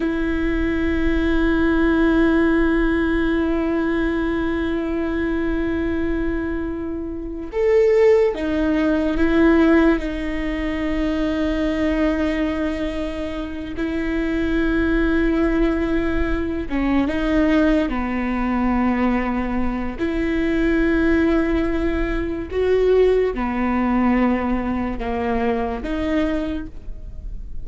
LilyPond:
\new Staff \with { instrumentName = "viola" } { \time 4/4 \tempo 4 = 72 e'1~ | e'1~ | e'4 a'4 dis'4 e'4 | dis'1~ |
dis'8 e'2.~ e'8 | cis'8 dis'4 b2~ b8 | e'2. fis'4 | b2 ais4 dis'4 | }